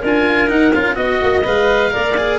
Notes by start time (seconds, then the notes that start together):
0.00 D4 F4 A#4 G#5
0.47 D#4 F#5
0.73 C#4 F4 F5
0.94 B3 F#4 D#5
1.22 A#3
1.44 G#3 B4 F5
1.90 A#3 A#4 D5
2.17 G#4